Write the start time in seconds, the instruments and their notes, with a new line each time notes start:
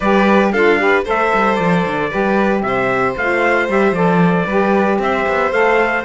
0.00 cello G3, saxophone G4, violin B4, trumpet D5
0.52 cello D4, saxophone F4, violin A4, trumpet F5
0.78 saxophone G4, violin B4
1.04 cello A3, saxophone A4, violin C5, trumpet E5
1.33 cello G3
1.55 cello F3, trumpet D5
1.86 cello D3
2.10 cello G3, saxophone G4, violin B4
2.62 cello C3, violin C5, trumpet E5
3.16 cello A3, saxophone F4, trumpet F5
3.68 cello G3, saxophone G4, trumpet E5
3.91 cello F3, saxophone A4, trumpet D5
4.45 cello G3, saxophone G4, violin B4
4.98 cello C4, violin C5, trumpet E5
5.27 cello B3
5.51 cello A3, saxophone A4, trumpet F5